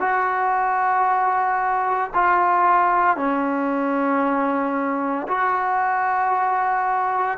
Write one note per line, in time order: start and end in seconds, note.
0.00 2.11 F#4
2.14 3.17 F4
3.17 5.27 C#4
5.28 7.38 F#4